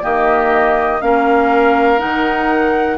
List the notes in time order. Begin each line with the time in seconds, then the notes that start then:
0.00 D#3 A#3 G4 D#5
1.01 A#3 C#4 A#4 F5
1.98 D#3 D#4 F#5